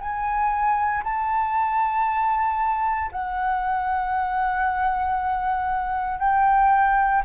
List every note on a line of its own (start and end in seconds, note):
0.00 1.03 G#5
1.04 3.11 A5
3.12 6.19 F#5
6.19 7.22 G5